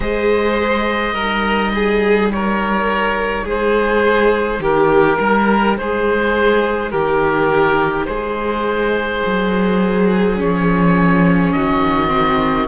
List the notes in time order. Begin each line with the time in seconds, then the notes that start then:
0.00 G#3 G#4 C5 D#5
1.13 G3 D#4 A#4
1.74 G#4
2.31 A#4 C#5
3.44 G#3 G#4 C5
4.59 D#3 G4 A#4
5.19 G3 A#4
5.77 G#3 G#4 C5
6.91 D#3 G4 A#4
8.05 G#3 G#4 C5
9.25 F#3
10.37 F3 C#4 C#5
11.52 D#3 F#4 D#5
12.08 C4